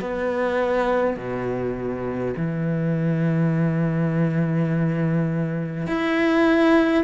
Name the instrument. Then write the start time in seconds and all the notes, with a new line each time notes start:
cello
0.00 B3
1.17 B2
2.37 E3
5.87 E4